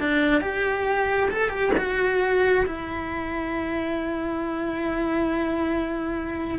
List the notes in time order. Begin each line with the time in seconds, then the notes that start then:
0.00 D4
0.42 G4
1.31 A4
1.50 G4
1.78 F#4
2.66 E4